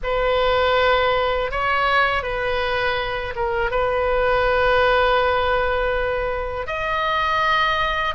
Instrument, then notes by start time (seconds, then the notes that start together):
oboe
0.03 B4
1.51 C#5
2.22 B4
3.35 A#4
3.70 B4
6.67 D#5